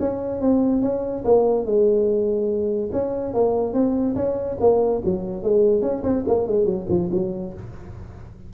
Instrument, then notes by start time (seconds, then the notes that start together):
tuba
0.00 C#4
0.41 C4
0.82 C#4
1.25 A#3
1.66 G#3
2.92 C#4
3.34 A#3
3.74 C4
4.16 C#4
4.61 A#3
5.05 F#3
5.44 G#3
5.82 C#4
6.04 C4
6.28 A#3
6.47 G#3
6.66 F#3
6.89 F3
7.12 F#3